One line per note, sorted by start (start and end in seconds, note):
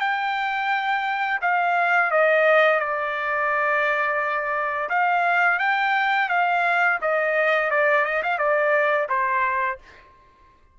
0.00 1.40 G5
1.41 2.11 F5
2.11 2.80 D#5
2.80 4.89 D5
4.90 5.59 F5
5.59 6.29 G5
6.29 6.99 F5
7.01 7.71 D#5
7.71 8.05 D5
8.05 8.23 D#5
8.23 8.38 F5
8.38 9.08 D5
9.09 9.79 C5